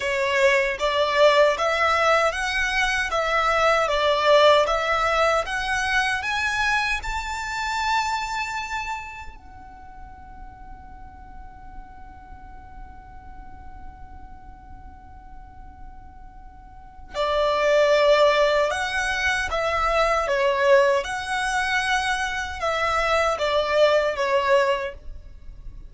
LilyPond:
\new Staff \with { instrumentName = "violin" } { \time 4/4 \tempo 4 = 77 cis''4 d''4 e''4 fis''4 | e''4 d''4 e''4 fis''4 | gis''4 a''2. | fis''1~ |
fis''1~ | fis''2 d''2 | fis''4 e''4 cis''4 fis''4~ | fis''4 e''4 d''4 cis''4 | }